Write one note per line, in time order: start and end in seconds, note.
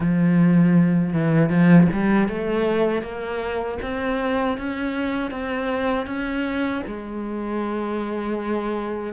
0.00 1.13 F3
1.13 1.49 E3
1.49 1.87 F3
1.92 2.28 G3
2.28 3.02 A3
3.02 3.78 A#3
3.82 4.57 C4
4.57 5.30 C#4
5.30 6.06 C4
6.06 6.82 C#4
6.86 9.13 G#3